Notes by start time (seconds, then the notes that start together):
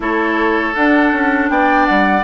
0.00 A3 E4 A4 C#5
0.74 D4 F#5
1.12 C#4
1.49 B3 D5 G5
1.86 G3 F#5